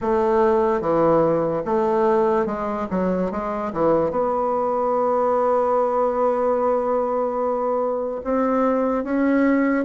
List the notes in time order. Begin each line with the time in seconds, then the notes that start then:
0.01 A3
0.80 E3
1.65 A3
2.46 G#3
2.90 F#3
3.31 G#3
3.72 E3
4.10 B3
8.23 C4
9.04 C#4